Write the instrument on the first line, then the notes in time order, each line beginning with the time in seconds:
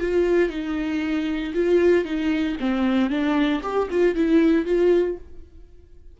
viola
0.00 F4
0.50 D#4
1.54 F4
2.05 D#4
2.60 C4
3.10 D4
3.62 G4
3.90 F4
4.15 E4
4.66 F4